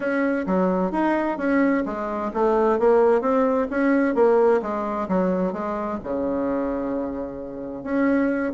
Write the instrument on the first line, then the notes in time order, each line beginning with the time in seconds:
bassoon
0.00 C#4
0.46 F#3
0.91 D#4
1.37 C#4
1.85 G#3
2.33 A3
2.79 A#3
3.21 C4
3.70 C#4
4.14 A#3
4.62 G#3
5.08 F#3
5.52 G#3
6.03 C#3
7.83 C#4